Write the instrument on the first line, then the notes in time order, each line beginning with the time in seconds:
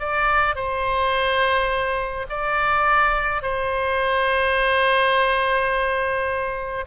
oboe
0.00 D5
0.55 C5
2.30 D5
3.42 C5